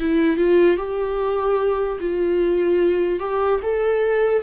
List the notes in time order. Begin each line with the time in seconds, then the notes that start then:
0.00 E4
0.37 F4
0.77 G4
2.00 F4
3.20 G4
3.62 A4